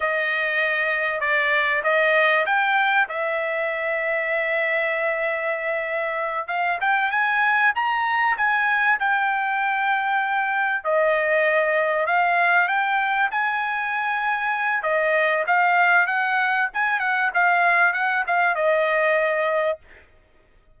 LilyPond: \new Staff \with { instrumentName = "trumpet" } { \time 4/4 \tempo 4 = 97 dis''2 d''4 dis''4 | g''4 e''2.~ | e''2~ e''8 f''8 g''8 gis''8~ | gis''8 ais''4 gis''4 g''4.~ |
g''4. dis''2 f''8~ | f''8 g''4 gis''2~ gis''8 | dis''4 f''4 fis''4 gis''8 fis''8 | f''4 fis''8 f''8 dis''2 | }